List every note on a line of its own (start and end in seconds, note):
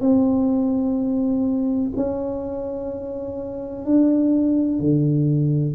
0.00 1.90 C4
1.96 3.85 C#4
3.85 4.79 D4
4.79 5.74 D3